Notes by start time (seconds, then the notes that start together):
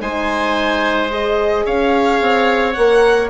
0.00 G#3 D#4 C5 G#5
1.09 G#4 D#5
1.65 C#4 C#5 F5
2.21 C4
2.72 A#3 A#4 F#5